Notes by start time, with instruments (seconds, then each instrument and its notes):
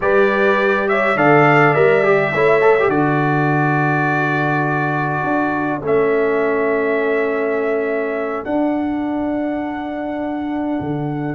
0.00 tuba G3, trombone G4, horn B4, trumpet D5
0.88 horn C#5, trumpet E5
1.15 tuba D3, trombone A4, horn D5, trumpet F5
1.73 tuba G3, trombone A#4, trumpet E5
2.03 trombone G4
2.33 tuba A3, trombone E4, horn C#5
2.61 trombone A4
2.79 trombone G4
2.88 tuba D3, trombone F#4, horn A4, trumpet D5
5.23 tuba D4
5.82 tuba A3, trombone C#4, trumpet E5
8.44 trombone D4, tuba D4, trumpet F#5
10.80 tuba D3